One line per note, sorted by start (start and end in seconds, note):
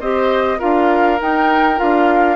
0.00 0.59 C4
0.00 0.58 G4
0.00 0.59 C5
0.00 0.60 D#5
0.58 1.20 D4
0.58 1.18 F4
0.58 2.36 A#4
0.58 1.20 F5
1.19 1.76 D#4
1.19 1.80 D#4
1.19 1.79 G5
1.76 2.36 D4
1.76 2.36 F4
1.76 2.36 F5